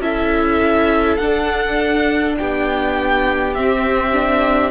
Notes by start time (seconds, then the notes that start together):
0.00 C#4 E4 A4 E5
1.16 D4 F#5
2.38 B3 G4 G5
3.54 C4 E5
4.13 D4